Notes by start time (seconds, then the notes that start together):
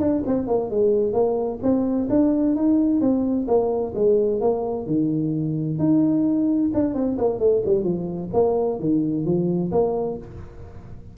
0.00 D4
0.26 C4
0.47 A#3
0.71 G#3
1.13 A#3
1.63 C4
2.10 D4
2.56 D#4
3.01 C4
3.48 A#3
3.95 G#3
4.41 A#3
4.87 D#3
5.79 D#4
6.74 D4
6.95 C4
7.18 A#3
7.40 A3
7.65 G3
7.84 F3
8.33 A#3
8.80 D#3
9.25 F3
9.72 A#3